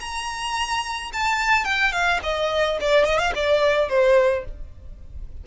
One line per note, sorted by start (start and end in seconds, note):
0.00 1.11 A#5
1.13 1.64 A5
1.64 1.92 G5
1.92 2.20 F5
2.23 2.78 D#5
2.81 3.04 D5
3.04 3.18 D#5
3.19 3.32 F5
3.35 3.89 D5
3.89 4.44 C5